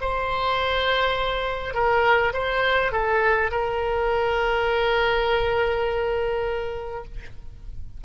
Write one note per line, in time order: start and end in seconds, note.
0.00 1.73 C5
1.73 2.32 A#4
2.33 2.91 C5
2.91 3.50 A4
3.51 7.04 A#4